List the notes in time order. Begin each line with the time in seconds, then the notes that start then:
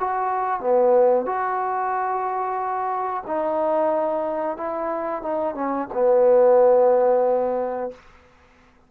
0.00 F#4
0.61 B3
1.26 F#4
3.27 D#4
4.57 E4
5.22 D#4
5.55 C#4
5.94 B3